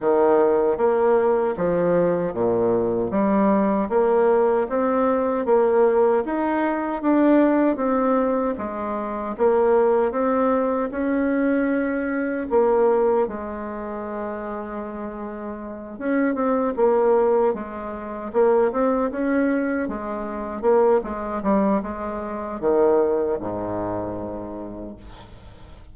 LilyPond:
\new Staff \with { instrumentName = "bassoon" } { \time 4/4 \tempo 4 = 77 dis4 ais4 f4 ais,4 | g4 ais4 c'4 ais4 | dis'4 d'4 c'4 gis4 | ais4 c'4 cis'2 |
ais4 gis2.~ | gis8 cis'8 c'8 ais4 gis4 ais8 | c'8 cis'4 gis4 ais8 gis8 g8 | gis4 dis4 gis,2 | }